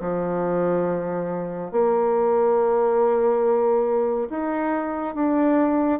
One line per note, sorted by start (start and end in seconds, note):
0.00 1.71 F3
1.71 4.29 A#3
4.30 5.15 D#4
5.15 6.00 D4